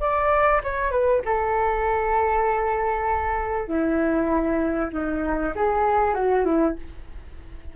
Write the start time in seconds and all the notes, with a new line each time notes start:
0.00 D5
0.63 C#5
0.91 B4
1.25 A4
3.68 E4
4.92 D#4
5.55 G#4
6.14 F#4
6.45 E4